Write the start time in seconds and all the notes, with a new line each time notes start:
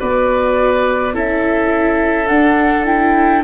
0.00 B3 F#4 B4 D5
1.14 C#4 E4 A4 E5
2.28 D4 F#5
2.86 E4 G5